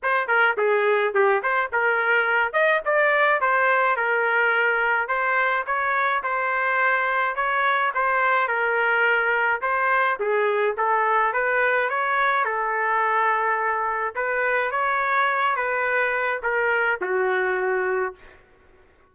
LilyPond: \new Staff \with { instrumentName = "trumpet" } { \time 4/4 \tempo 4 = 106 c''8 ais'8 gis'4 g'8 c''8 ais'4~ | ais'8 dis''8 d''4 c''4 ais'4~ | ais'4 c''4 cis''4 c''4~ | c''4 cis''4 c''4 ais'4~ |
ais'4 c''4 gis'4 a'4 | b'4 cis''4 a'2~ | a'4 b'4 cis''4. b'8~ | b'4 ais'4 fis'2 | }